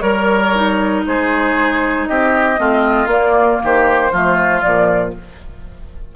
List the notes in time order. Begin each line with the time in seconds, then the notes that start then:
0.00 G3 A#4 C#5
0.54 D#4
1.06 G#3 G#4 C5
2.06 C4 G4 D#5
2.56 A3 C4 F4
3.06 A#3 D5
3.63 D#3 G4 C5
4.12 F3 A3 F4
4.61 A#2 F3 D5